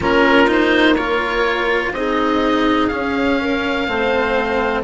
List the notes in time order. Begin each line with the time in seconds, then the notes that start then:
0.00 A#3 C#4 F4 A#4
0.47 D#4 C5
0.95 F4 A#4 C#5
1.92 C4 D#4 G#4 D#5
2.87 C#4 F5
3.41 A#4
3.87 A3 C4 C5